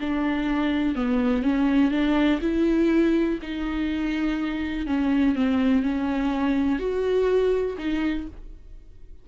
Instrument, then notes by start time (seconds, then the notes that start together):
viola
0.00 D4
0.95 B3
1.42 C#4
1.90 D4
2.41 E4
3.42 D#4
4.86 C#4
5.35 C4
5.82 C#4
6.78 F#4
7.77 D#4